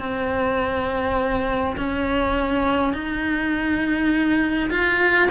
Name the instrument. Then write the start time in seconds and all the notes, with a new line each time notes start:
cello
0.00 C4
1.77 C#4
2.94 D#4
4.71 F4